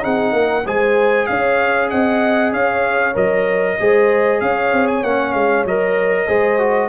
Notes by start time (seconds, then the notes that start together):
0.00 C4 D#4 G#4 F#5
0.32 A#3 A#4
0.65 G#3 G#4 C5 G#5
1.26 C#4 C#5 F5
1.90 C4 D#5 F#5
2.52 C#4 C#5 F5
3.14 F#3 A#4 D#5
3.79 G#3 G#4 C5
4.40 C#4 C#5 F5
4.72 C4
4.88 G#5
5.03 A#3 C#4 F#5
5.33 G#3 F5
5.65 F#3 A#4 D#5
6.27 G#3 G#4 C5
6.58 F#4